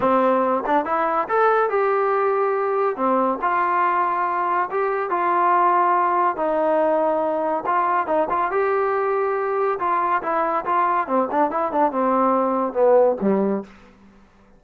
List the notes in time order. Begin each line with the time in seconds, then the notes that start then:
0.00 C4
0.66 D4
0.85 E4
1.28 A4
1.69 G4
2.96 C4
3.41 F4
4.70 G4
5.09 F4
6.36 D#4
7.66 F4
8.06 D#4
8.29 F4
8.51 G4
9.79 F4
10.22 E4
10.65 F4
11.07 C4
11.31 D4
11.50 E4
11.71 D4
11.91 C4
12.73 B3
13.21 G3